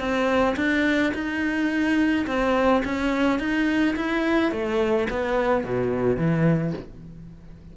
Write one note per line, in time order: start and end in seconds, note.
0.00 0.56 C4
0.57 1.13 D4
1.14 2.26 D#4
2.27 2.83 C4
2.85 3.40 C#4
3.40 3.96 D#4
3.96 4.52 E4
4.52 5.08 A3
5.11 5.64 B3
5.64 6.17 B2
6.17 6.73 E3